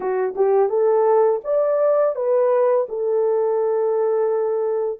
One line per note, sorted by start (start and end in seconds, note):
0.00 0.34 F#4
0.35 0.69 G4
0.69 1.40 A4
1.44 2.15 D5
2.15 2.86 B4
2.88 4.99 A4